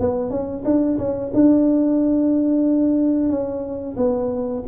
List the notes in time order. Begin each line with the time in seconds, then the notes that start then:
0.00 B3
0.30 C#4
0.65 D4
0.98 C#4
1.34 D4
3.29 C#4
3.97 B3